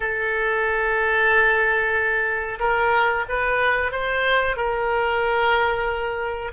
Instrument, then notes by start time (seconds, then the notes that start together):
oboe
0.00 A4
2.59 A#4
3.28 B4
3.91 C5
4.56 A#4